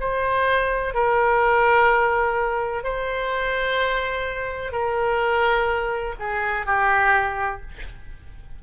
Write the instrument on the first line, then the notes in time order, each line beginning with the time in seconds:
oboe
0.00 C5
0.94 A#4
2.84 C5
4.71 A#4
6.19 G#4
6.66 G4